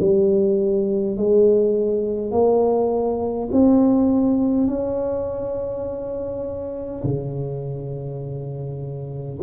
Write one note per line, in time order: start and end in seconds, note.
0.00 1.18 G3
1.18 2.32 G#3
2.32 3.49 A#3
3.52 4.68 C4
4.68 7.03 C#4
7.04 9.40 C#3